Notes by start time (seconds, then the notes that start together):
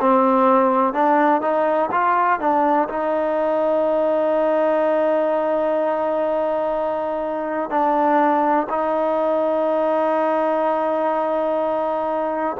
0.00 C4
0.93 D4
1.41 D#4
1.91 F4
2.40 D4
2.88 D#4
7.70 D4
8.69 D#4